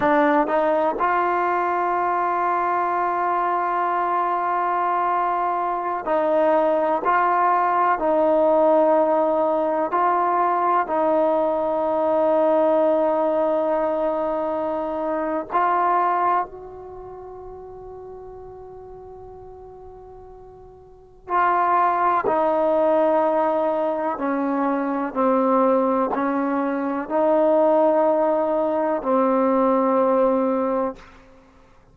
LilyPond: \new Staff \with { instrumentName = "trombone" } { \time 4/4 \tempo 4 = 62 d'8 dis'8 f'2.~ | f'2~ f'16 dis'4 f'8.~ | f'16 dis'2 f'4 dis'8.~ | dis'1 |
f'4 fis'2.~ | fis'2 f'4 dis'4~ | dis'4 cis'4 c'4 cis'4 | dis'2 c'2 | }